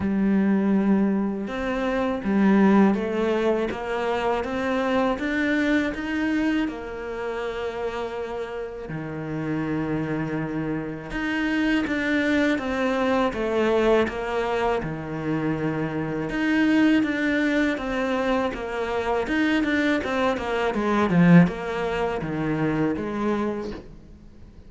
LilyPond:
\new Staff \with { instrumentName = "cello" } { \time 4/4 \tempo 4 = 81 g2 c'4 g4 | a4 ais4 c'4 d'4 | dis'4 ais2. | dis2. dis'4 |
d'4 c'4 a4 ais4 | dis2 dis'4 d'4 | c'4 ais4 dis'8 d'8 c'8 ais8 | gis8 f8 ais4 dis4 gis4 | }